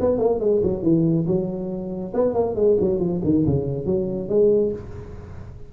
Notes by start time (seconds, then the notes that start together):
0.00 B3
0.18 A#3
0.40 G#3
0.63 F#3
0.83 E3
1.27 F#3
2.14 B3
2.33 A#3
2.55 G#3
2.80 F#3
2.99 F3
3.24 D#3
3.46 C#3
3.86 F#3
4.29 G#3